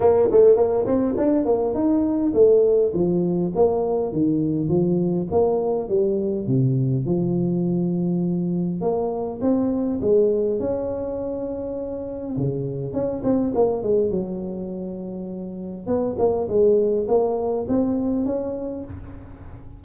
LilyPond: \new Staff \with { instrumentName = "tuba" } { \time 4/4 \tempo 4 = 102 ais8 a8 ais8 c'8 d'8 ais8 dis'4 | a4 f4 ais4 dis4 | f4 ais4 g4 c4 | f2. ais4 |
c'4 gis4 cis'2~ | cis'4 cis4 cis'8 c'8 ais8 gis8 | fis2. b8 ais8 | gis4 ais4 c'4 cis'4 | }